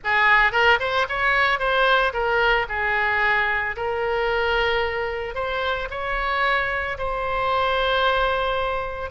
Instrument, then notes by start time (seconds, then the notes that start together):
oboe
0.04 G#4
0.52 A#4
0.79 C5
1.09 C#5
1.59 C5
2.13 A#4
2.69 G#4
3.76 A#4
5.34 C5
5.90 C#5
6.98 C5